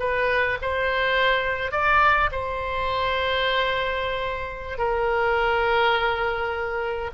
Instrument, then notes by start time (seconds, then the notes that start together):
oboe
0.00 B4
0.62 C5
1.72 D5
2.32 C5
4.78 A#4